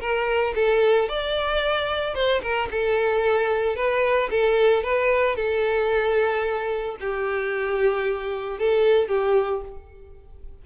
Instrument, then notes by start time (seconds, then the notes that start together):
violin
0.00 A#4
0.55 A4
1.08 D5
2.15 C5
2.42 A#4
2.71 A4
3.75 B4
4.31 A4
4.83 B4
5.35 A4
7.00 G4
8.59 A4
9.08 G4